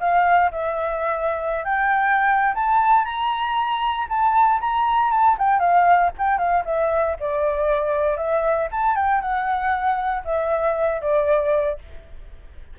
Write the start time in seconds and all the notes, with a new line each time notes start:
0.00 F5
0.52 E5
1.65 G5
2.55 A5
3.05 A#5
4.09 A5
4.61 A#5
5.11 A5
5.38 G5
5.59 F5
6.18 G5
6.38 F5
6.65 E5
7.20 D5
8.17 E5
8.72 A5
8.96 G5
9.21 F#5
10.25 E5
11.02 D5